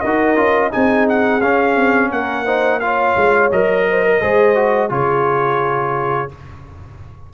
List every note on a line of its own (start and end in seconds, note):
0.00 0.36 D#4
0.00 0.36 F#4
0.00 0.70 A#4
0.00 0.70 D#5
0.36 0.71 C#4
0.36 0.71 F4
0.71 1.41 C4
0.71 1.41 D#4
0.71 2.10 G#4
0.71 1.07 G#5
1.09 1.41 F#5
1.41 1.76 C#4
1.41 2.46 C#4
1.41 2.10 F5
1.76 2.10 C4
2.10 3.14 A#3
2.10 2.44 A#4
2.10 2.80 F#5
2.44 2.81 D#4
2.44 2.79 C5
2.80 3.51 F4
2.80 3.89 C#5
2.80 3.49 F5
3.16 3.51 G#3
3.51 4.21 F#3
3.51 4.21 A#4
3.51 4.91 D#5
3.90 4.05 C5
4.05 4.20 A#4
4.20 4.90 G#3
4.20 4.55 G#4
4.20 4.90 C5
4.55 4.89 F#4
4.89 6.30 C#3
4.89 6.28 F4
4.89 6.33 G#4
4.89 6.31 C#5